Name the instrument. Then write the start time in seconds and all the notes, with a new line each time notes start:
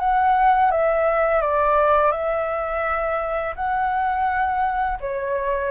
flute
0.00 F#5
0.71 E5
1.41 D5
2.12 E5
3.56 F#5
5.01 C#5